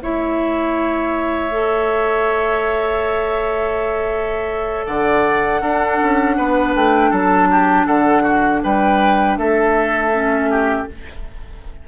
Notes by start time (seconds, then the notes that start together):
0.00 A3 E4 C#5 E5
1.51 A4
4.87 D3 D5 F#5
5.61 D4 A4
6.03 C#4
6.38 B3 B4
6.75 A3 G5
7.11 F#3 A4 A5
7.51 G4
7.87 D3 A4 F#5
8.23 F#4
8.64 G3 B4 G5
9.38 A3 A4 E5
10.13 C#4
10.51 G4